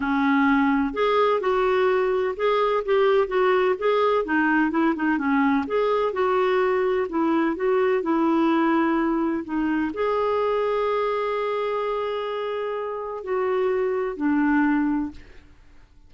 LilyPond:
\new Staff \with { instrumentName = "clarinet" } { \time 4/4 \tempo 4 = 127 cis'2 gis'4 fis'4~ | fis'4 gis'4 g'4 fis'4 | gis'4 dis'4 e'8 dis'8 cis'4 | gis'4 fis'2 e'4 |
fis'4 e'2. | dis'4 gis'2.~ | gis'1 | fis'2 d'2 | }